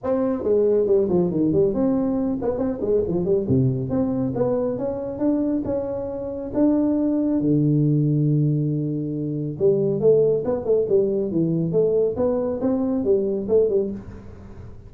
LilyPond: \new Staff \with { instrumentName = "tuba" } { \time 4/4 \tempo 4 = 138 c'4 gis4 g8 f8 dis8 g8 | c'4. b8 c'8 gis8 f8 g8 | c4 c'4 b4 cis'4 | d'4 cis'2 d'4~ |
d'4 d2.~ | d2 g4 a4 | b8 a8 g4 e4 a4 | b4 c'4 g4 a8 g8 | }